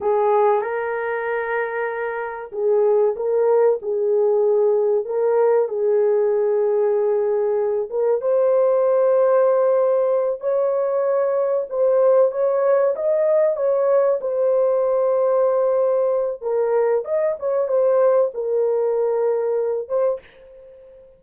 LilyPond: \new Staff \with { instrumentName = "horn" } { \time 4/4 \tempo 4 = 95 gis'4 ais'2. | gis'4 ais'4 gis'2 | ais'4 gis'2.~ | gis'8 ais'8 c''2.~ |
c''8 cis''2 c''4 cis''8~ | cis''8 dis''4 cis''4 c''4.~ | c''2 ais'4 dis''8 cis''8 | c''4 ais'2~ ais'8 c''8 | }